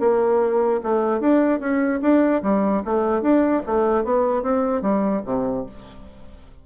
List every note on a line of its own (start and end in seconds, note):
0.00 0.81 A#3
0.83 1.20 A3
1.20 1.60 D4
1.60 2.00 C#4
2.02 2.42 D4
2.43 2.83 G3
2.85 3.22 A3
3.22 3.62 D4
3.66 4.04 A3
4.04 4.42 B3
4.42 4.82 C4
4.82 5.22 G3
5.26 5.66 C3